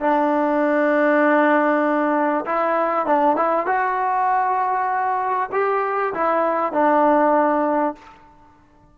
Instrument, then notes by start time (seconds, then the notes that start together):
trombone
0.00 D4
2.45 E4
3.06 D4
3.36 E4
3.66 F#4
5.52 G4
6.14 E4
6.72 D4